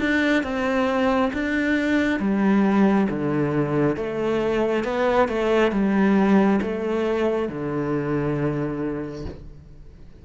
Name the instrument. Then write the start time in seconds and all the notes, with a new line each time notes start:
cello
0.00 D4
0.44 C4
1.34 D4
2.20 G3
3.10 D3
3.97 A3
4.85 B3
5.29 A3
5.72 G3
6.62 A3
7.49 D3